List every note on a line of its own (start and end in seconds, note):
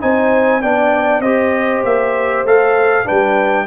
0.00 0.63 C4
0.00 0.61 D#4
0.00 0.62 C5
0.00 0.62 G#5
0.61 1.20 B3
0.61 1.23 D4
0.61 1.22 D5
0.61 1.21 G5
1.20 1.81 C4
1.20 2.46 G4
1.20 3.06 C5
1.20 1.82 D#5
1.84 2.44 A#3
1.84 2.46 E5
2.44 3.05 A3
2.44 3.04 A4
2.44 3.08 F5
3.04 3.66 G3
3.04 3.66 D4
3.04 3.66 B4
3.04 3.66 G5